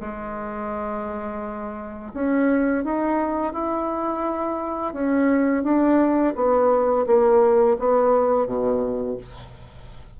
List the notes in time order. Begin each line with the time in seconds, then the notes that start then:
0.00 G#3
2.14 C#4
2.84 D#4
3.53 E4
4.93 C#4
5.63 D4
6.35 B3
7.06 A#3
7.79 B3
8.46 B2